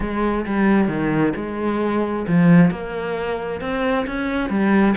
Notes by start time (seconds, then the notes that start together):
0.00 G#3
0.46 G3
0.88 D#3
1.36 G#3
2.27 F3
2.70 A#3
3.60 C4
4.06 C#4
4.49 G3